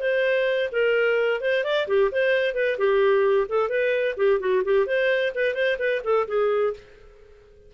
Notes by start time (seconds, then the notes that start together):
0.00 C5
0.72 A#4
1.41 C5
1.64 D5
1.87 G4
2.11 C5
2.54 B4
2.78 G4
3.48 A4
3.69 B4
4.16 G4
4.40 F#4
4.64 G4
4.86 C5
5.34 B4
5.54 C5
5.78 B4
6.04 A4
6.27 G#4